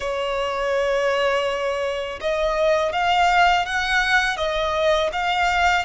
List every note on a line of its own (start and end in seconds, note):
0.00 2.20 C#5
2.21 2.92 D#5
2.92 3.65 F5
3.66 4.36 F#5
4.36 5.10 D#5
5.12 5.85 F5